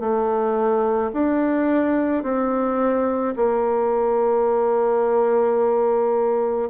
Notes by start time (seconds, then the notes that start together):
0.00 A3
1.14 D4
2.23 C4
3.36 A#3